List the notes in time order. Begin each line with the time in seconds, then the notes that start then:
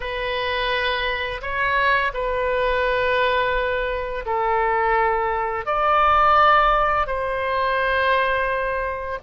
0.00 B4
1.41 C#5
2.13 B4
4.25 A4
5.65 D5
7.07 C5